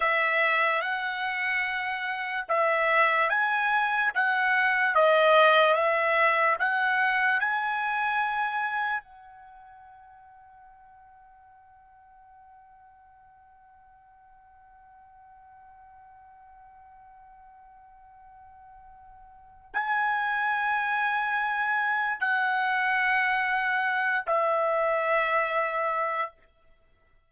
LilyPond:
\new Staff \with { instrumentName = "trumpet" } { \time 4/4 \tempo 4 = 73 e''4 fis''2 e''4 | gis''4 fis''4 dis''4 e''4 | fis''4 gis''2 fis''4~ | fis''1~ |
fis''1~ | fis''1 | gis''2. fis''4~ | fis''4. e''2~ e''8 | }